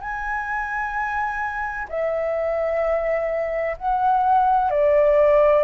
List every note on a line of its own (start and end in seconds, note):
0.00 1.87 G#5
1.89 3.76 E5
3.77 4.70 F#5
4.70 5.63 D5